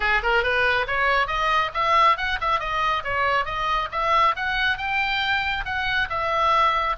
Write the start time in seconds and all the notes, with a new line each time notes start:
0.00 G#4
0.23 A#4
0.43 B4
0.87 C#5
1.27 D#5
1.74 E5
2.17 F#5
2.41 E5
2.59 D#5
3.04 C#5
3.45 D#5
3.91 E5
4.35 F#5
4.77 G5
5.65 F#5
6.09 E5